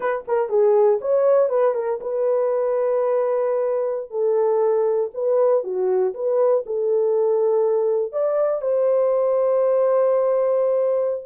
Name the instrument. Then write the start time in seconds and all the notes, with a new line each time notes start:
horn
0.00 B4
0.27 A#4
0.49 G#4
1.01 C#5
1.49 B4
1.74 A#4
2.00 B4
4.10 A4
5.14 B4
5.63 F#4
6.13 B4
6.66 A4
8.12 D5
8.61 C5